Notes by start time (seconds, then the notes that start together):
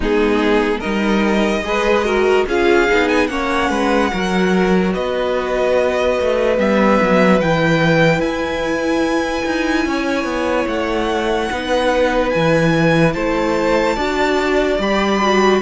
0.00 G#3 B3 D#4 G#4
0.78 G3 D#4 A#4 D#5
1.62 G#3 G#4 B4
2.04 F#4 A#4
2.46 C#4 F4 G#4 F5
2.87 B3 D#4
3.08 G#5
3.27 A#3 C#4 C#5 F#5
3.69 G#3 B4
4.11 F#3 F#4 A#4
4.93 B3 B4 D#5
6.20 A3
6.57 G3 B3 E5
7.01 F#3
7.40 E3 E4 G5
8.19 E4 G#5
9.45 D#4
9.85 C#4 C#5
10.24 B3
10.67 A3 F#5
11.51 B3 D#4 B4
12.30 E3 E4 G#5
13.13 A3 C5 A5
13.95 D4 F#4 D5
14.78 G3 G4 B5
15.22 F#4